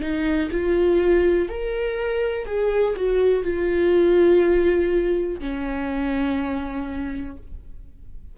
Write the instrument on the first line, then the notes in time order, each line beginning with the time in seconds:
viola
0.00 D#4
0.51 F4
1.48 A#4
2.45 G#4
2.96 F#4
3.43 F4
5.40 C#4